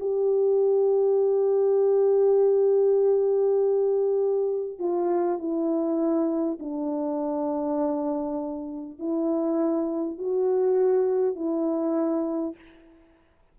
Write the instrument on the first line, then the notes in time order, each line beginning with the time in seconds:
horn
0.00 G4
4.79 F4
5.38 E4
6.59 D4
8.99 E4
10.18 F#4
11.35 E4